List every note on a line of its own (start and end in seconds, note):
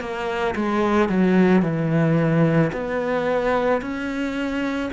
0.00 0.55 A#3
0.55 1.09 G#3
1.09 1.62 F#3
1.62 2.71 E3
2.72 3.81 B3
3.81 4.90 C#4